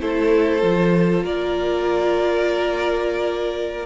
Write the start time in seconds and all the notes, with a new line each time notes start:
0.00 A3 E4 A4 C5
0.61 F3 F4
1.24 A#3 A#4 D5